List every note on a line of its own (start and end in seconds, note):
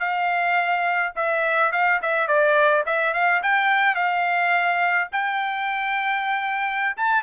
0.00 1.13 F5
1.16 1.73 E5
1.73 2.01 F5
2.03 2.28 E5
2.28 2.85 D5
2.87 3.14 E5
3.14 3.42 F5
3.43 3.96 G5
3.96 5.09 F5
5.13 6.96 G5
6.97 7.24 A5